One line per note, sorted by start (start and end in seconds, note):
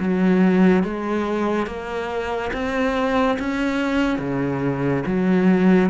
0.00 0.84 F#3
0.84 1.67 G#3
1.67 2.52 A#3
2.54 3.38 C4
3.40 4.19 C#4
4.19 5.04 C#3
5.07 5.91 F#3